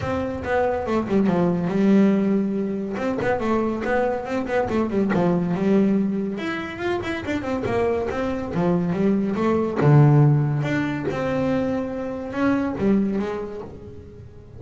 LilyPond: \new Staff \with { instrumentName = "double bass" } { \time 4/4 \tempo 4 = 141 c'4 b4 a8 g8 f4 | g2. c'8 b8 | a4 b4 c'8 b8 a8 g8 | f4 g2 e'4 |
f'8 e'8 d'8 c'8 ais4 c'4 | f4 g4 a4 d4~ | d4 d'4 c'2~ | c'4 cis'4 g4 gis4 | }